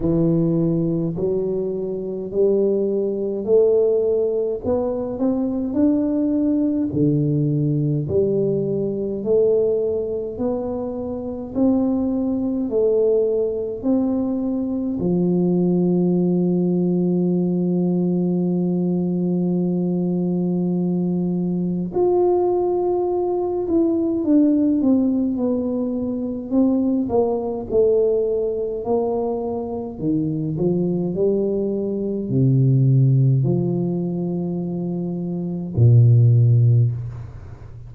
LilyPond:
\new Staff \with { instrumentName = "tuba" } { \time 4/4 \tempo 4 = 52 e4 fis4 g4 a4 | b8 c'8 d'4 d4 g4 | a4 b4 c'4 a4 | c'4 f2.~ |
f2. f'4~ | f'8 e'8 d'8 c'8 b4 c'8 ais8 | a4 ais4 dis8 f8 g4 | c4 f2 ais,4 | }